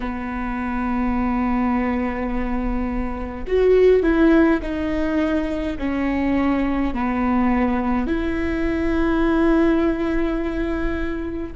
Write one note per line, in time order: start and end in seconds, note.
0.00 3.45 B3
3.47 4.02 F#4
4.02 4.60 E4
4.62 5.77 D#4
5.78 6.93 C#4
6.93 8.07 B3
8.07 11.53 E4